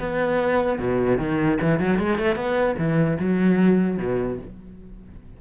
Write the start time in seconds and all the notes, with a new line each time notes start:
0.00 B3
0.79 B2
1.18 D#3
1.62 E3
1.80 F#3
1.99 G#3
2.19 A3
2.36 B3
2.78 E3
3.19 F#3
3.98 B2